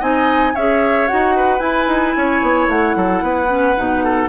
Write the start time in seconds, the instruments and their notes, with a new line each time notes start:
0.00 bassoon C4, clarinet D#4, oboe D#5, flute G#5
0.55 bassoon C#4, clarinet G#4, oboe C#5, flute E5
1.08 bassoon D#4, clarinet F#4, flute F#5
1.36 oboe B4
1.59 clarinet E4, bassoon E4, flute G#5
1.87 bassoon D#4
2.17 bassoon C#4, oboe C#5
2.43 bassoon B3
2.69 bassoon A3, flute F#5
2.96 bassoon F#3, oboe A4
3.23 bassoon B3, oboe B4
3.48 clarinet C#4
3.77 bassoon B2, clarinet D#4
4.04 oboe A4